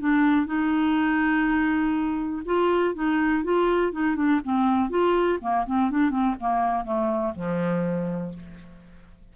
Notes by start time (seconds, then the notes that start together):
0.00 D4
0.46 D#4
2.45 F4
2.95 D#4
3.44 F4
3.93 D#4
4.16 D4
4.44 C4
4.90 F4
5.41 A#3
5.66 C4
5.91 D4
6.11 C4
6.40 A#3
6.85 A3
7.35 F3